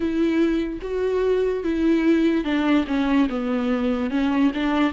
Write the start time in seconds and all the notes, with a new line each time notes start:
0.00 E4
0.81 F#4
1.63 E4
2.44 D4
2.87 C#4
3.29 B3
4.10 C#4
4.54 D4